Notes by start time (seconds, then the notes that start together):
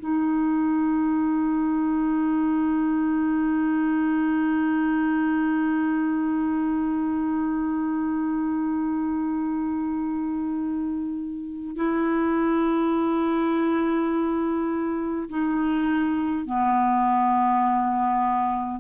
0.00 D#4
11.76 E4
15.29 D#4
16.46 B3